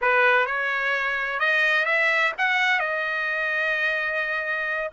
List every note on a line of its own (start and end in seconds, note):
0.01 0.46 B4
0.46 1.39 C#5
1.39 1.85 D#5
1.85 2.32 E5
2.38 2.79 F#5
2.79 4.90 D#5